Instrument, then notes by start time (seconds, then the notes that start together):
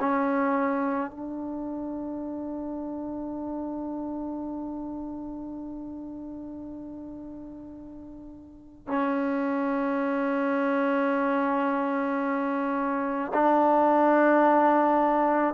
trombone
0.00 C#4
1.11 D4
8.87 C#4
13.34 D4